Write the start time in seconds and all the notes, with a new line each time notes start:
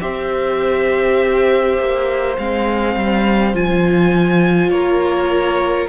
0.00 C4 G4 C5 E5
1.79 A#3
2.38 G#3 C4 F5
2.96 G3
3.54 F3 F4 G#5
4.70 A#3 A#4 C#5